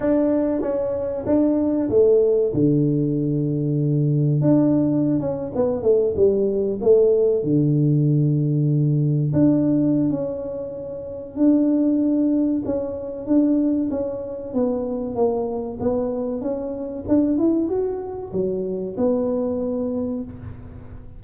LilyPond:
\new Staff \with { instrumentName = "tuba" } { \time 4/4 \tempo 4 = 95 d'4 cis'4 d'4 a4 | d2. d'4~ | d'16 cis'8 b8 a8 g4 a4 d16~ | d2~ d8. d'4~ d'16 |
cis'2 d'2 | cis'4 d'4 cis'4 b4 | ais4 b4 cis'4 d'8 e'8 | fis'4 fis4 b2 | }